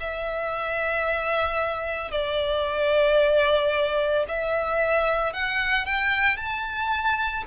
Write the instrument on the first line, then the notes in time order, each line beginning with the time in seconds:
violin
0.00 E5
2.11 D5
4.28 E5
5.33 F#5
5.85 G5
6.37 A5